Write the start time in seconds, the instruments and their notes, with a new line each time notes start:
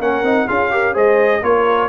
0.00 tuba A#3, trombone C#4, horn A#4, trumpet F#5
0.23 tuba C4, trombone D#4
0.48 tuba C#4, trombone F4, horn G#4, trumpet F5
0.71 trombone G4, horn A#4
0.94 tuba G#3, trombone G#4, horn C5, trumpet D#5
1.42 tuba A#3, trombone F4, horn A#4, trumpet C#5